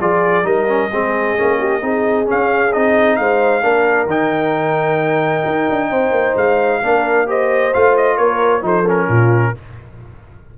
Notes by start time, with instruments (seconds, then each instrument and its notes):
0.00 tuba F3, trombone F4, horn G#4, trumpet D5
0.43 tuba G3, trombone D#4, horn A#4, trumpet D#5
0.67 trombone C#4
0.92 tuba G#3, trombone C4, horn G#4
1.37 tuba A#3, trombone C#4
1.58 horn G4
1.81 tuba C4, trombone D#4, horn G#4
2.25 trombone C#4, tuba C#4, trumpet F5
2.73 tuba C4, trombone D#4, trumpet D#5
3.16 tuba G#3, horn C5, trumpet F5
3.62 tuba A#3, trombone D4, horn A#4
4.06 tuba D#3, trombone D#4, trumpet G5
5.45 tuba D#4
5.69 tuba D4
5.89 tuba C4, horn C5
6.11 tuba A#3
6.36 tuba G#3, trumpet F5
6.82 tuba A#3, trombone D4, horn A#4
7.26 trombone G4, horn C5, trumpet D#5
7.73 tuba A3, trombone F4, trumpet F5
7.96 trumpet D#5
8.17 tuba A#3, horn A#4, trumpet C#5
8.61 tuba F3, trombone D#4, horn A4, trumpet C5
8.86 trombone C#4, trumpet A#4
9.07 tuba A#2, horn F4